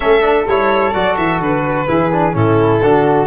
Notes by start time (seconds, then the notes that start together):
0.00 A3 C#4 A4 E5
0.21 D4
0.47 G3 E4 C#5
0.93 F#3 F#4 D5
1.17 E3 E5
1.40 D3 B4
1.87 E3 E4 G#4
2.12 D4
2.32 A2 C#4 E4 A4
2.81 D3 D4 F#4